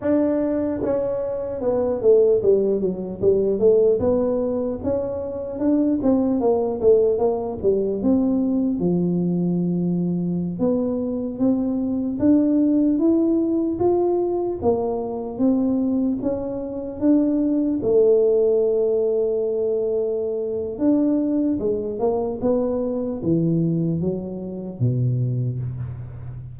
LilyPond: \new Staff \with { instrumentName = "tuba" } { \time 4/4 \tempo 4 = 75 d'4 cis'4 b8 a8 g8 fis8 | g8 a8 b4 cis'4 d'8 c'8 | ais8 a8 ais8 g8 c'4 f4~ | f4~ f16 b4 c'4 d'8.~ |
d'16 e'4 f'4 ais4 c'8.~ | c'16 cis'4 d'4 a4.~ a16~ | a2 d'4 gis8 ais8 | b4 e4 fis4 b,4 | }